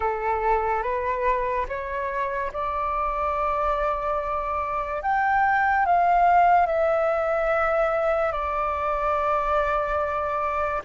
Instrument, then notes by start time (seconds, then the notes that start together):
flute
0.00 A4
0.82 B4
1.68 C#5
2.52 D5
5.02 G5
5.85 F5
6.66 E5
8.31 D5